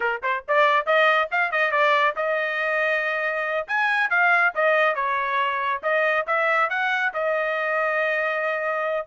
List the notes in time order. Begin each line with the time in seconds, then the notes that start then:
0.00 A#4
0.23 C5
0.47 D5
0.85 D#5
1.31 F5
1.51 D#5
1.71 D5
2.16 D#5
3.67 G#5
4.10 F5
4.54 D#5
4.95 C#5
5.82 D#5
6.26 E5
6.69 F#5
7.13 D#5